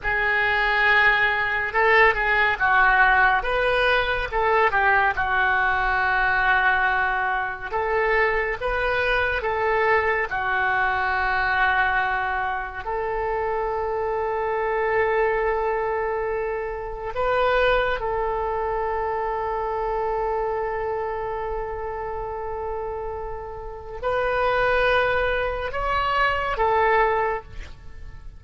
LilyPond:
\new Staff \with { instrumentName = "oboe" } { \time 4/4 \tempo 4 = 70 gis'2 a'8 gis'8 fis'4 | b'4 a'8 g'8 fis'2~ | fis'4 a'4 b'4 a'4 | fis'2. a'4~ |
a'1 | b'4 a'2.~ | a'1 | b'2 cis''4 a'4 | }